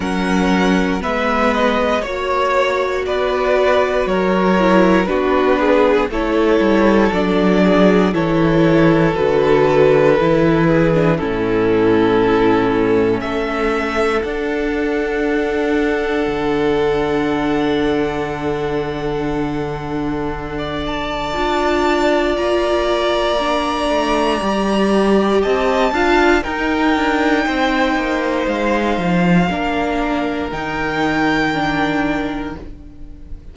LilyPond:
<<
  \new Staff \with { instrumentName = "violin" } { \time 4/4 \tempo 4 = 59 fis''4 e''8 dis''8 cis''4 d''4 | cis''4 b'4 cis''4 d''4 | cis''4 b'2 a'4~ | a'4 e''4 fis''2~ |
fis''1~ | fis''8 a''4. ais''2~ | ais''4 a''4 g''2 | f''2 g''2 | }
  \new Staff \with { instrumentName = "violin" } { \time 4/4 ais'4 b'4 cis''4 b'4 | ais'4 fis'8 gis'8 a'4. gis'8 | a'2~ a'8 gis'8 e'4~ | e'4 a'2.~ |
a'1~ | a'16 d''2.~ d''8.~ | d''4 dis''8 f''8 ais'4 c''4~ | c''4 ais'2. | }
  \new Staff \with { instrumentName = "viola" } { \time 4/4 cis'4 b4 fis'2~ | fis'8 e'8 d'4 e'4 d'4 | e'4 fis'4 e'8. d'16 cis'4~ | cis'2 d'2~ |
d'1~ | d'4 f'2 d'4 | g'4. f'8 dis'2~ | dis'4 d'4 dis'4 d'4 | }
  \new Staff \with { instrumentName = "cello" } { \time 4/4 fis4 gis4 ais4 b4 | fis4 b4 a8 g8 fis4 | e4 d4 e4 a,4~ | a,4 a4 d'2 |
d1~ | d4 d'4 ais4. a8 | g4 c'8 d'8 dis'8 d'8 c'8 ais8 | gis8 f8 ais4 dis2 | }
>>